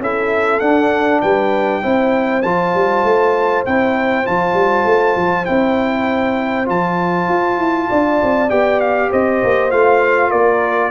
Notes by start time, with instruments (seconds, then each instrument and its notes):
0.00 tuba C#4, trombone E4, horn A4, trumpet E5
0.60 tuba D4, trombone D4, trumpet F#5
1.21 tuba G3, horn B4, trumpet G5
1.82 tuba C4, trombone E4, horn C5
2.42 tuba F3, trombone F4, trumpet A5
2.75 tuba G3
3.04 tuba A3
3.66 tuba C4, trombone E4, trumpet G5
4.25 tuba F3, trombone F4, trumpet A5
4.54 tuba G3
4.85 tuba A3
5.17 tuba F3
5.45 tuba C4, trombone E4, trumpet G5
6.66 tuba F3, trombone F4, trumpet A5
7.29 tuba F4
7.58 tuba E4
7.90 tuba D4, horn D5
8.23 tuba C4
8.50 tuba B3, trombone G4, trumpet G5
8.80 trumpet F5
9.11 tuba C4, horn C5, trumpet D#5
9.44 tuba A#3
9.71 tuba A3, trombone F4, trumpet F5
10.30 tuba A#3, horn A#4, trumpet D5